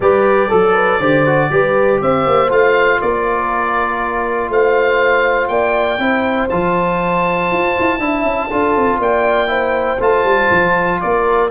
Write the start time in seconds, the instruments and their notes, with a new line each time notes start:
0.00 tuba G3, trombone G4, horn B4, oboe D5
0.48 tuba F#3, horn A4, trombone A4
0.73 horn B4
0.99 tuba D3, trombone G4, horn C5
1.26 trombone F#4
1.50 tuba G3, trombone G4, horn B4
2.00 tuba C4, horn C5, oboe E5
2.26 tuba A#3
2.48 tuba A3, trombone F4, oboe F5
3.01 tuba A#3, horn A#4, oboe D5
4.49 tuba A3, horn C5, oboe F5
5.47 tuba A#3, horn D5, oboe G5
5.98 tuba C4, trombone E4, horn C5
6.49 tuba F3, trombone F4, oboe A5
7.51 tuba F4
7.78 tuba E4
7.99 tuba D4, trombone E4, horn E5
8.23 tuba C#4
8.47 tuba D4, trombone F4, horn A4
8.76 tuba C4
8.98 tuba A#3, horn D5, oboe G5
9.47 trombone E4, horn C5
9.99 tuba A3, trombone F4, oboe A5
10.24 tuba G3
10.50 tuba F3
11.01 tuba A#3, horn A#4, oboe D5